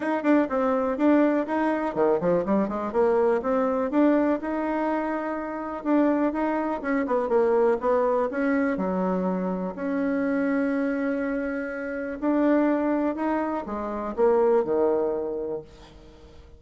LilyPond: \new Staff \with { instrumentName = "bassoon" } { \time 4/4 \tempo 4 = 123 dis'8 d'8 c'4 d'4 dis'4 | dis8 f8 g8 gis8 ais4 c'4 | d'4 dis'2. | d'4 dis'4 cis'8 b8 ais4 |
b4 cis'4 fis2 | cis'1~ | cis'4 d'2 dis'4 | gis4 ais4 dis2 | }